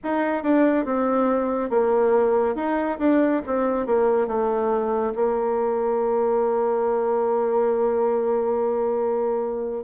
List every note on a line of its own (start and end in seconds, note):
0.03 0.43 D#4
0.43 0.85 D4
0.85 1.69 C4
1.69 2.55 A#3
2.55 2.98 D#4
2.98 3.41 D4
3.46 3.86 C4
3.86 4.27 A#3
4.27 5.13 A3
5.15 9.84 A#3